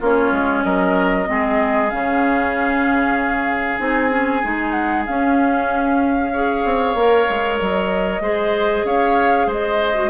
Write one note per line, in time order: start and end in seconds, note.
0.00 0.31 A#3
0.00 1.26 C#4
0.00 0.63 F4
0.00 0.64 C#5
0.31 0.63 G#3
0.64 1.27 F#3
0.64 1.28 A#4
0.64 1.90 D#5
1.26 1.92 G#3
1.26 1.89 C4
1.26 6.32 G#4
1.90 3.79 C#3
1.90 3.79 C#4
1.90 3.79 F5
3.79 4.42 C4
3.79 4.09 D#4
3.79 4.71 G#5
4.09 4.41 C#4
4.42 5.07 G#3
4.42 5.06 D#4
4.71 5.02 F#5
5.06 6.33 C#4
5.06 6.64 C#4
5.06 7.58 F5
6.32 6.97 G#4
6.32 8.22 C#5
6.64 6.94 C4
6.94 7.26 A#3
6.94 8.22 A#4
7.29 7.60 G#3
7.60 8.20 F#3
7.60 8.86 D#5
8.20 8.83 G#3
8.20 9.94 G#4
8.20 8.86 C5
8.84 9.46 C#4
8.84 9.47 C#5
8.84 9.49 F5
9.46 10.10 G#3
9.46 10.10 C5
9.46 10.10 D#5
9.94 10.10 F#4